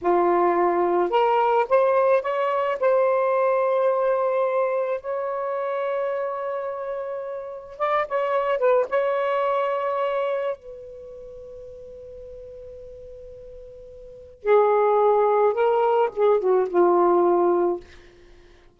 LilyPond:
\new Staff \with { instrumentName = "saxophone" } { \time 4/4 \tempo 4 = 108 f'2 ais'4 c''4 | cis''4 c''2.~ | c''4 cis''2.~ | cis''2 d''8 cis''4 b'8 |
cis''2. b'4~ | b'1~ | b'2 gis'2 | ais'4 gis'8 fis'8 f'2 | }